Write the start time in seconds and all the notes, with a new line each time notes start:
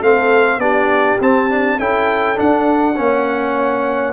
0.00 A3 C4 A4 F5
0.58 B3 D4 G4 D5
1.20 C4 A5
1.49 D4
1.77 C#4 E4 A4 G5
2.35 D4 F#5
2.95 A#3 C#4 C#5